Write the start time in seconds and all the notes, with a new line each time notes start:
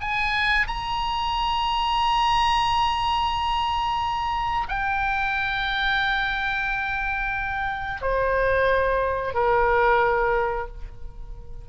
0.00 G#5
0.67 A#5
4.68 G5
8.01 C5
9.34 A#4